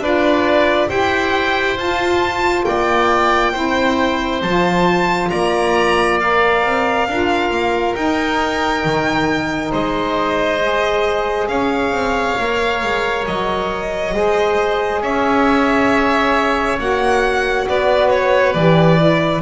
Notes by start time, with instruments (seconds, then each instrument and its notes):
0.00 double bass D4, saxophone F4, oboe B4, violin D5
0.88 double bass E4, saxophone G4, oboe C5, violin G5
1.78 double bass F4, saxophone F4, violin A5
2.65 double bass A#3, oboe D5, violin G5
3.53 double bass C4, saxophone E4, oboe C5
4.43 double bass F3, saxophone F4, violin A5
5.30 double bass A#3, oboe D5, violin A#5
6.21 saxophone A#4, violin F5
6.64 double bass C4
7.08 double bass D4, saxophone F4, oboe A#4
7.51 double bass A#3
7.96 saxophone D#4, double bass D#4, violin G5
8.85 double bass D#3
9.72 double bass G#3, oboe C5, violin D#5
10.61 saxophone G#4
11.48 double bass C#4, oboe C#5, violin F5
11.92 double bass C4
12.37 double bass A#3, saxophone A#4
12.83 double bass G#3
13.27 double bass F#3, violin D#5
14.13 double bass G#3, saxophone G#4, oboe C5
15.02 double bass C#4, oboe C#5, violin E5
16.79 double bass A#3, saxophone F#4, violin F#5
17.68 double bass B3, oboe B4, violin D5
18.11 violin C#5
18.53 double bass E3, saxophone G4, violin D5
18.98 saxophone E4